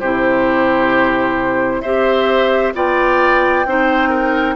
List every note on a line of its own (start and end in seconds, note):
0.00 1.83 C3
0.00 1.85 E4
0.00 1.82 G4
0.00 1.82 C5
1.82 2.74 C4
1.82 2.74 G4
1.82 2.73 C5
1.82 2.73 E5
2.74 3.65 B3
2.74 3.65 F4
2.74 3.66 D5
2.74 4.56 G5
3.65 4.56 C4
3.65 4.56 D#4
3.65 4.09 C5
4.09 4.55 A#4